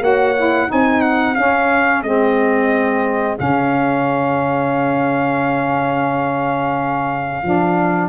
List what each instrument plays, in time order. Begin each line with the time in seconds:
0.00 tuba A#3, saxophone F#4, horn C#5, trumpet F#5
0.37 saxophone E4
0.67 tuba C4, saxophone D#4, horn G#4, trumpet G#5
1.02 trumpet F#5
1.35 tuba C#4, saxophone C#4, trumpet F5
2.03 tuba G#3, saxophone C4, trumpet D#5
3.37 tuba C#3, saxophone C#4, trumpet F5
7.43 tuba F3, saxophone D4